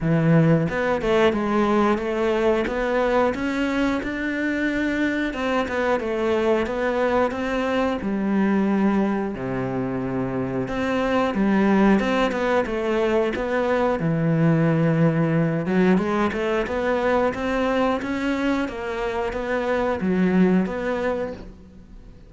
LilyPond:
\new Staff \with { instrumentName = "cello" } { \time 4/4 \tempo 4 = 90 e4 b8 a8 gis4 a4 | b4 cis'4 d'2 | c'8 b8 a4 b4 c'4 | g2 c2 |
c'4 g4 c'8 b8 a4 | b4 e2~ e8 fis8 | gis8 a8 b4 c'4 cis'4 | ais4 b4 fis4 b4 | }